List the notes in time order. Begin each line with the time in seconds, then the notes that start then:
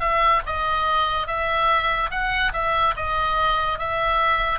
0.00 E5
0.46 D#5
1.27 E5
2.11 F#5
2.53 E5
2.96 D#5
3.79 E5